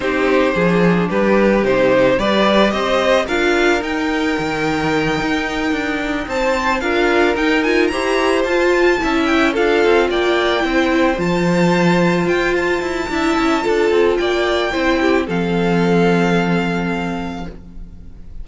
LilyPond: <<
  \new Staff \with { instrumentName = "violin" } { \time 4/4 \tempo 4 = 110 c''2 b'4 c''4 | d''4 dis''4 f''4 g''4~ | g''2.~ g''8 a''8~ | a''8 f''4 g''8 gis''8 ais''4 a''8~ |
a''4 g''8 f''4 g''4.~ | g''8 a''2 g''8 a''4~ | a''2 g''2 | f''1 | }
  \new Staff \with { instrumentName = "violin" } { \time 4/4 g'4 gis'4 g'2 | b'4 c''4 ais'2~ | ais'2.~ ais'8 c''8~ | c''8 ais'2 c''4.~ |
c''8 e''4 a'4 d''4 c''8~ | c''1 | e''4 a'4 d''4 c''8 g'8 | a'1 | }
  \new Staff \with { instrumentName = "viola" } { \time 4/4 dis'4 d'2 dis'4 | g'2 f'4 dis'4~ | dis'1~ | dis'8 f'4 dis'8 f'8 g'4 f'8~ |
f'8 e'4 f'2 e'8~ | e'8 f'2.~ f'8 | e'4 f'2 e'4 | c'1 | }
  \new Staff \with { instrumentName = "cello" } { \time 4/4 c'4 f4 g4 c4 | g4 c'4 d'4 dis'4 | dis4. dis'4 d'4 c'8~ | c'8 d'4 dis'4 e'4 f'8~ |
f'8 cis'4 d'8 c'8 ais4 c'8~ | c'8 f2 f'4 e'8 | d'8 cis'8 d'8 c'8 ais4 c'4 | f1 | }
>>